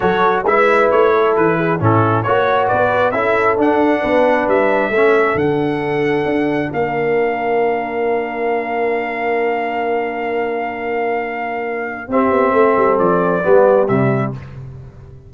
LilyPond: <<
  \new Staff \with { instrumentName = "trumpet" } { \time 4/4 \tempo 4 = 134 cis''4 e''4 cis''4 b'4 | a'4 cis''4 d''4 e''4 | fis''2 e''2 | fis''2. f''4~ |
f''1~ | f''1~ | f''2. e''4~ | e''4 d''2 e''4 | }
  \new Staff \with { instrumentName = "horn" } { \time 4/4 a'4 b'4. a'4 gis'8 | e'4 cis''4 b'4 a'4~ | a'4 b'2 a'4~ | a'2. ais'4~ |
ais'1~ | ais'1~ | ais'2. g'4 | a'2 g'2 | }
  \new Staff \with { instrumentName = "trombone" } { \time 4/4 fis'4 e'2. | cis'4 fis'2 e'4 | d'2. cis'4 | d'1~ |
d'1~ | d'1~ | d'2. c'4~ | c'2 b4 g4 | }
  \new Staff \with { instrumentName = "tuba" } { \time 4/4 fis4 gis4 a4 e4 | a,4 ais4 b4 cis'4 | d'4 b4 g4 a4 | d2 d'4 ais4~ |
ais1~ | ais1~ | ais2. c'8 b8 | a8 g8 f4 g4 c4 | }
>>